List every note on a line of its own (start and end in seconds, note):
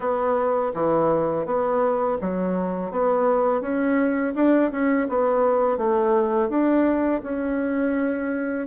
0.00 0.72 B3
0.74 1.45 E3
1.45 2.17 B3
2.20 2.91 F#3
2.91 3.61 B3
3.61 4.33 C#4
4.35 4.71 D4
4.71 5.07 C#4
5.08 5.77 B3
5.77 6.49 A3
6.49 7.21 D4
7.23 8.67 C#4